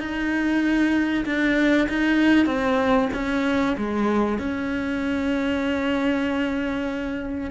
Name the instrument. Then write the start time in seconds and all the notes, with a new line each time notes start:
cello
0.00 D#4
1.26 D4
1.89 D#4
2.46 C4
3.14 C#4
3.78 G#3
4.39 C#4